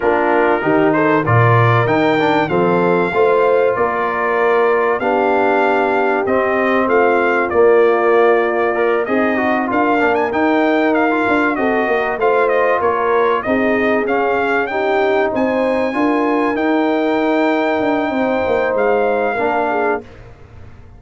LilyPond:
<<
  \new Staff \with { instrumentName = "trumpet" } { \time 4/4 \tempo 4 = 96 ais'4. c''8 d''4 g''4 | f''2 d''2 | f''2 dis''4 f''4 | d''2~ d''8 dis''4 f''8~ |
f''16 gis''16 g''4 f''4 dis''4 f''8 | dis''8 cis''4 dis''4 f''4 g''8~ | g''8 gis''2 g''4.~ | g''2 f''2 | }
  \new Staff \with { instrumentName = "horn" } { \time 4/4 f'4 g'8 a'8 ais'2 | a'4 c''4 ais'2 | g'2. f'4~ | f'2~ f'8 dis'4 ais'8~ |
ais'2~ ais'8 a'8 ais'8 c''8~ | c''8 ais'4 gis'2 g'8~ | g'8 c''4 ais'2~ ais'8~ | ais'4 c''2 ais'8 gis'8 | }
  \new Staff \with { instrumentName = "trombone" } { \time 4/4 d'4 dis'4 f'4 dis'8 d'8 | c'4 f'2. | d'2 c'2 | ais2 ais'8 gis'8 fis'8 f'8 |
d'8 dis'4~ dis'16 f'8. fis'4 f'8~ | f'4. dis'4 cis'4 dis'8~ | dis'4. f'4 dis'4.~ | dis'2. d'4 | }
  \new Staff \with { instrumentName = "tuba" } { \time 4/4 ais4 dis4 ais,4 dis4 | f4 a4 ais2 | b2 c'4 a4 | ais2~ ais8 c'4 d'8 |
ais8 dis'4. d'8 c'8 ais8 a8~ | a8 ais4 c'4 cis'4.~ | cis'8 c'4 d'4 dis'4.~ | dis'8 d'8 c'8 ais8 gis4 ais4 | }
>>